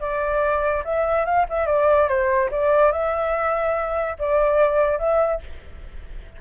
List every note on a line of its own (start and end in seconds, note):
0.00 0.83 D5
0.85 1.25 E5
1.25 1.46 F5
1.49 1.67 E5
1.67 2.08 D5
2.09 2.50 C5
2.51 2.92 D5
2.92 4.17 E5
4.19 4.99 D5
4.99 5.41 E5